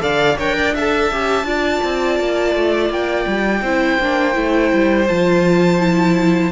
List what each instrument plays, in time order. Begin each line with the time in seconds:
0.00 cello D3, viola A4, violin D5 F5
0.38 cello D4, viola A#4, violin C#5 G5
0.56 violin D5
0.74 viola A4, violin E5 A5
1.12 cello C#4, viola G4
1.44 cello D4, viola F4, violin D5
1.83 cello C4
2.19 cello A#3
2.56 cello A3
2.90 cello A#3, violin G5
3.27 cello G3
3.62 cello C4, viola E4, violin C5
4.00 cello A#3, viola D4
4.34 cello A3, viola E4
4.73 cello G3
5.08 cello F3, viola F4, violin A5
5.80 viola E4